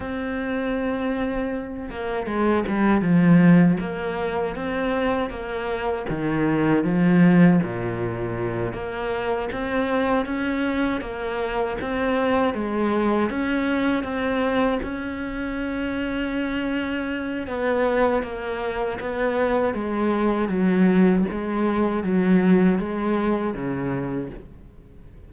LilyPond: \new Staff \with { instrumentName = "cello" } { \time 4/4 \tempo 4 = 79 c'2~ c'8 ais8 gis8 g8 | f4 ais4 c'4 ais4 | dis4 f4 ais,4. ais8~ | ais8 c'4 cis'4 ais4 c'8~ |
c'8 gis4 cis'4 c'4 cis'8~ | cis'2. b4 | ais4 b4 gis4 fis4 | gis4 fis4 gis4 cis4 | }